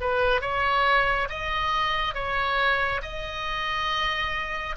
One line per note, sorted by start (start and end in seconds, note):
0.00 0.41 B4
0.41 1.28 C#5
1.29 2.14 D#5
2.14 3.01 C#5
3.02 4.75 D#5